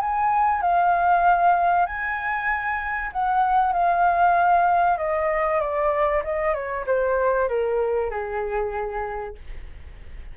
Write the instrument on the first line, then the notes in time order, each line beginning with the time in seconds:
flute
0.00 G#5
0.61 F5
1.86 G#5
3.12 F#5
3.72 F5
4.97 D#5
5.60 D5
6.24 D#5
6.53 C#5
6.86 C5
7.48 A#4
8.10 G#4